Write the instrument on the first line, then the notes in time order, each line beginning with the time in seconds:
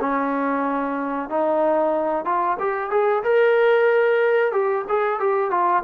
trombone
0.00 C#4
1.29 D#4
2.25 F4
2.59 G4
2.91 G#4
3.23 A#4
4.52 G4
4.89 G#4
5.20 G4
5.50 F4